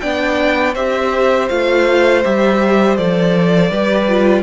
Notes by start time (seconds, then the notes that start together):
0.00 B3 D4 D5 G5
0.74 C4 G4 C5 E5
1.48 A3 F4 F5
2.23 G3 G4 E5
2.96 F3 A4 D5
3.70 G3 G4 B4
4.08 F4